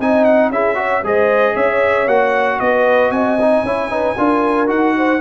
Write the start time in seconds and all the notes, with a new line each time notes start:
0.00 C4 D#4 D#5 G#5
0.24 F#5
0.49 C#4 E4 G#4 E5
0.75 F#4 C#5
1.03 G#3 G#4 C5 D#5
1.54 C#4 C#5 E5
2.07 A#3 F#4 F#5
2.59 B3 B4 D#5
3.10 C4 D#5 G#5
3.41 D#4
3.63 C#4 E4 C#5
3.89 D#4 B4
4.18 D4 F4 A#4
4.67 D#4 F#4 F#5
4.97 C5